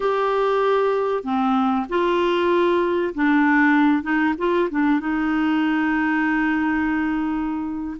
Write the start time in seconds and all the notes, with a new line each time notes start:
0.00 G4
1.23 C4
1.89 F4
3.14 D4
4.02 D#4
4.38 F4
4.70 D4
5.00 D#4